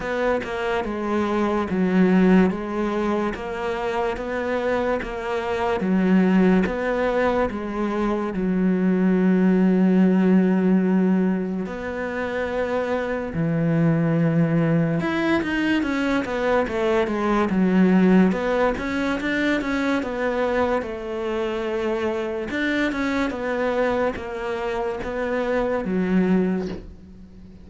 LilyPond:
\new Staff \with { instrumentName = "cello" } { \time 4/4 \tempo 4 = 72 b8 ais8 gis4 fis4 gis4 | ais4 b4 ais4 fis4 | b4 gis4 fis2~ | fis2 b2 |
e2 e'8 dis'8 cis'8 b8 | a8 gis8 fis4 b8 cis'8 d'8 cis'8 | b4 a2 d'8 cis'8 | b4 ais4 b4 fis4 | }